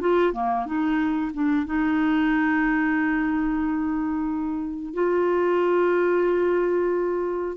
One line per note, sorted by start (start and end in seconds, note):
0.00 0.33 F4
0.33 0.65 A#3
0.65 1.31 D#4
1.33 1.65 D4
1.65 4.93 D#4
4.93 7.57 F4